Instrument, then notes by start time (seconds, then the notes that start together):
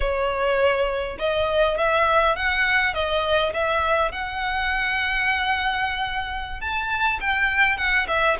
violin
0.00 C#5
1.18 D#5
1.77 E5
2.36 F#5
2.94 D#5
3.53 E5
4.11 F#5
6.60 A5
7.20 G5
7.77 F#5
8.07 E5